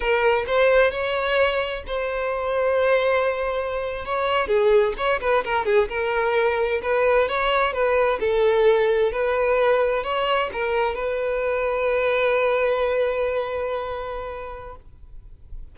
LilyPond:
\new Staff \with { instrumentName = "violin" } { \time 4/4 \tempo 4 = 130 ais'4 c''4 cis''2 | c''1~ | c''8. cis''4 gis'4 cis''8 b'8 ais'16~ | ais'16 gis'8 ais'2 b'4 cis''16~ |
cis''8. b'4 a'2 b'16~ | b'4.~ b'16 cis''4 ais'4 b'16~ | b'1~ | b'1 | }